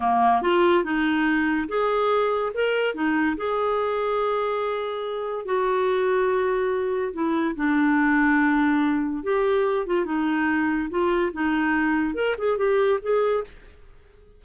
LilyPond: \new Staff \with { instrumentName = "clarinet" } { \time 4/4 \tempo 4 = 143 ais4 f'4 dis'2 | gis'2 ais'4 dis'4 | gis'1~ | gis'4 fis'2.~ |
fis'4 e'4 d'2~ | d'2 g'4. f'8 | dis'2 f'4 dis'4~ | dis'4 ais'8 gis'8 g'4 gis'4 | }